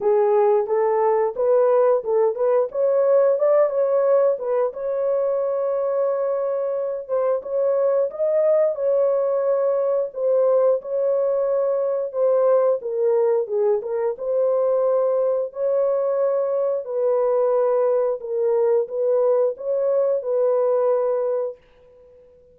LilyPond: \new Staff \with { instrumentName = "horn" } { \time 4/4 \tempo 4 = 89 gis'4 a'4 b'4 a'8 b'8 | cis''4 d''8 cis''4 b'8 cis''4~ | cis''2~ cis''8 c''8 cis''4 | dis''4 cis''2 c''4 |
cis''2 c''4 ais'4 | gis'8 ais'8 c''2 cis''4~ | cis''4 b'2 ais'4 | b'4 cis''4 b'2 | }